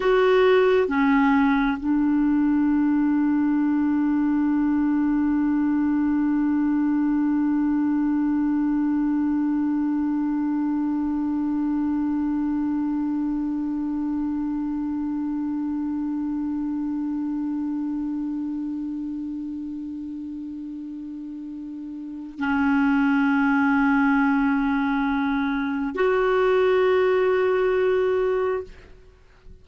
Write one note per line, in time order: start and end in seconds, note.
0.00 0.88 F#4
0.88 1.77 C#4
1.79 22.39 D4
22.39 25.95 C#4
25.95 28.63 F#4